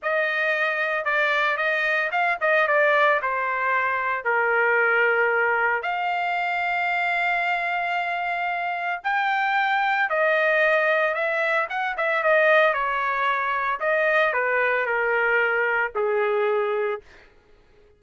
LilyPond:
\new Staff \with { instrumentName = "trumpet" } { \time 4/4 \tempo 4 = 113 dis''2 d''4 dis''4 | f''8 dis''8 d''4 c''2 | ais'2. f''4~ | f''1~ |
f''4 g''2 dis''4~ | dis''4 e''4 fis''8 e''8 dis''4 | cis''2 dis''4 b'4 | ais'2 gis'2 | }